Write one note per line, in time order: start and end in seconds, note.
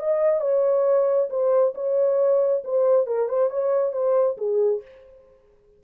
0.00 0.41 D#5
0.41 1.30 C#5
1.30 1.74 C5
1.75 2.64 C#5
2.65 3.07 C5
3.07 3.29 A#4
3.29 3.51 C5
3.51 3.93 C#5
3.93 4.37 C5
4.38 4.82 G#4